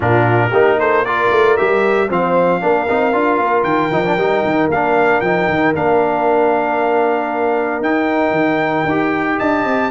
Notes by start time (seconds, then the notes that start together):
0.00 A#2 D4 F4 A#4
0.50 A#3 D#4 G4
0.79 A4 C5
1.05 F4 A#4 D5
1.31 A3
1.56 G3 G4 E5
2.08 F3 C4 C5 F5
2.60 A#3 D4 A#4
2.88 C4 D#4
3.12 D4 F4
3.38 A#3
3.63 D#3 G5
3.91 F3 D#4
4.04 D4
4.17 G3 D#4
4.44 D#3
4.67 A#3 F5
4.74 D4
5.20 F3 D#4 G5
5.49 D#3
5.74 A#3 D4 F5
7.80 D#4 G5
8.31 D#3
8.85 D#4 G4
9.37 D4 D#5 A5
9.64 C4